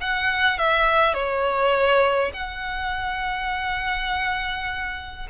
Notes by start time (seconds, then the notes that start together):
0.00 F#5
0.58 E5
1.14 C#5
2.33 F#5